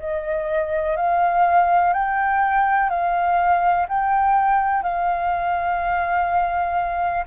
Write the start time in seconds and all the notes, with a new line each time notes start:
0.00 D#5
0.97 F5
1.94 G5
2.90 F5
3.89 G5
4.83 F5